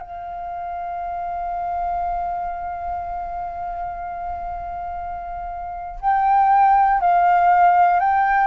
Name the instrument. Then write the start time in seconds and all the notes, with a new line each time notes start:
flute
0.00 F5
6.00 G5
7.00 F5
8.00 G5